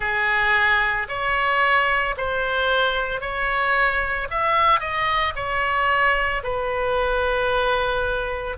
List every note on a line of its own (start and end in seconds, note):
0.00 1.07 G#4
1.08 2.15 C#5
2.17 3.20 C5
3.20 4.28 C#5
4.30 4.80 E5
4.80 5.33 D#5
5.35 6.42 C#5
6.43 8.57 B4